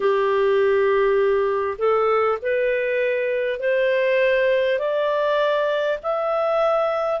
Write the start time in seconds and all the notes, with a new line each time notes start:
0.00 G4
1.78 A4
2.42 B4
3.59 C5
4.78 D5
6.03 E5